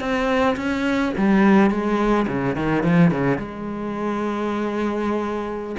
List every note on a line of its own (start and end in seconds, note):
0.00 0.56 C4
0.57 1.13 C#4
1.18 1.70 G3
1.70 2.26 G#3
2.28 2.56 C#3
2.56 2.83 D#3
2.83 3.11 F3
3.11 3.38 C#3
3.38 5.76 G#3